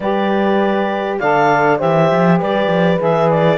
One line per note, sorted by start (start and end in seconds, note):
0.00 1.19 G3
0.00 1.21 G4
0.00 1.19 B4
0.00 1.18 D5
1.19 1.81 D3
1.19 1.77 A4
1.19 1.78 D5
1.19 1.79 F5
1.77 2.11 E3
1.77 2.97 G4
1.77 2.38 C5
1.77 2.40 E5
2.11 2.41 F3
2.39 2.67 G3
2.39 3.58 B4
2.39 3.00 D5
2.67 2.97 F3
2.98 3.58 E3
2.98 3.58 G#4
2.98 3.30 E5
3.30 3.58 D5